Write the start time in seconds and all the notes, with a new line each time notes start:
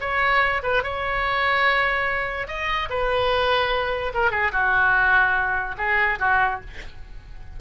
0.00 C#5
0.63 B4
0.83 C#5
2.47 D#5
2.89 B4
4.14 A#4
4.31 G#4
4.52 F#4
5.77 G#4
6.19 F#4